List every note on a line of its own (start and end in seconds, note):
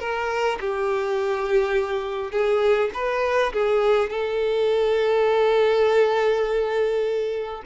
0.00 0.59 A#4
0.60 2.32 G4
2.32 2.90 G#4
2.94 3.53 B4
3.53 4.10 G#4
4.10 7.63 A4